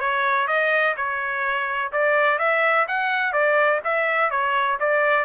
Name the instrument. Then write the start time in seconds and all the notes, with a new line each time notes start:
trumpet
0.00 C#5
0.47 D#5
0.97 C#5
1.92 D5
2.39 E5
2.88 F#5
3.33 D5
3.84 E5
4.31 C#5
4.80 D5